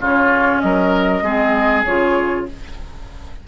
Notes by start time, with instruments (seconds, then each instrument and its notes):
0.00 bassoon C#3, clarinet C#4, oboe F4, flute C#5
0.60 bassoon F#3, oboe A#4, flute D#5
1.22 bassoon G#3, clarinet C4, oboe G#4
1.84 bassoon C#3, clarinet F4, flute C#5